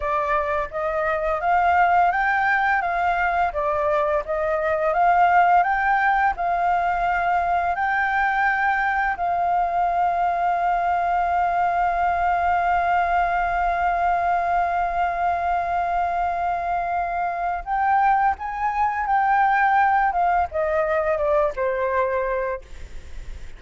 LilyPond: \new Staff \with { instrumentName = "flute" } { \time 4/4 \tempo 4 = 85 d''4 dis''4 f''4 g''4 | f''4 d''4 dis''4 f''4 | g''4 f''2 g''4~ | g''4 f''2.~ |
f''1~ | f''1~ | f''4 g''4 gis''4 g''4~ | g''8 f''8 dis''4 d''8 c''4. | }